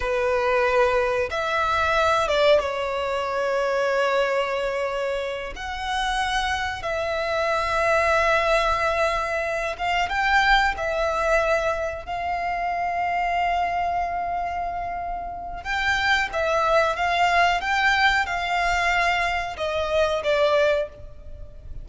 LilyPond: \new Staff \with { instrumentName = "violin" } { \time 4/4 \tempo 4 = 92 b'2 e''4. d''8 | cis''1~ | cis''8 fis''2 e''4.~ | e''2. f''8 g''8~ |
g''8 e''2 f''4.~ | f''1 | g''4 e''4 f''4 g''4 | f''2 dis''4 d''4 | }